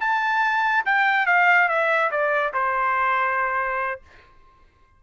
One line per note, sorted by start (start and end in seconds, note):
0.00 0.85 A5
0.85 1.26 G5
1.26 1.68 F5
1.68 2.11 E5
2.11 2.53 D5
2.53 4.01 C5